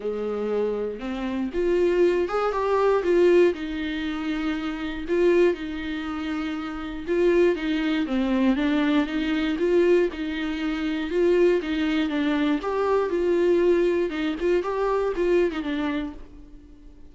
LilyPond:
\new Staff \with { instrumentName = "viola" } { \time 4/4 \tempo 4 = 119 gis2 c'4 f'4~ | f'8 gis'8 g'4 f'4 dis'4~ | dis'2 f'4 dis'4~ | dis'2 f'4 dis'4 |
c'4 d'4 dis'4 f'4 | dis'2 f'4 dis'4 | d'4 g'4 f'2 | dis'8 f'8 g'4 f'8. dis'16 d'4 | }